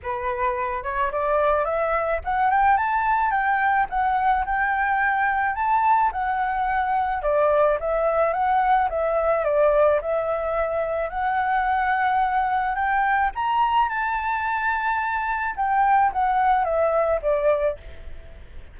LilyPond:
\new Staff \with { instrumentName = "flute" } { \time 4/4 \tempo 4 = 108 b'4. cis''8 d''4 e''4 | fis''8 g''8 a''4 g''4 fis''4 | g''2 a''4 fis''4~ | fis''4 d''4 e''4 fis''4 |
e''4 d''4 e''2 | fis''2. g''4 | ais''4 a''2. | g''4 fis''4 e''4 d''4 | }